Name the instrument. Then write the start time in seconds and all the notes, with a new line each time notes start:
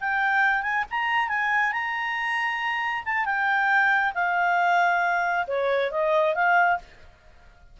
clarinet
0.00 G5
0.62 G#5
0.90 A#5
1.28 G#5
1.72 A#5
3.05 A5
3.25 G5
4.14 F5
5.47 C#5
5.91 D#5
6.34 F5